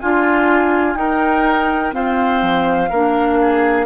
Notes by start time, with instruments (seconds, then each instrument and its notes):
0.00 bassoon D4, oboe F4, clarinet F4, flute G#5
0.95 clarinet D#4, bassoon D#4, oboe A#4, flute G5
1.91 clarinet C4, bassoon F4, oboe C5, flute F5
2.42 bassoon F3
2.89 bassoon A#3, clarinet D4, oboe A#4
3.41 oboe G#4